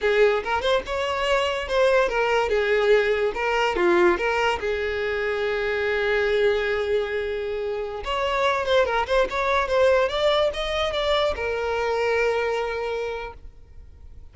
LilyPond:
\new Staff \with { instrumentName = "violin" } { \time 4/4 \tempo 4 = 144 gis'4 ais'8 c''8 cis''2 | c''4 ais'4 gis'2 | ais'4 f'4 ais'4 gis'4~ | gis'1~ |
gis'2.~ gis'16 cis''8.~ | cis''8. c''8 ais'8 c''8 cis''4 c''8.~ | c''16 d''4 dis''4 d''4 ais'8.~ | ais'1 | }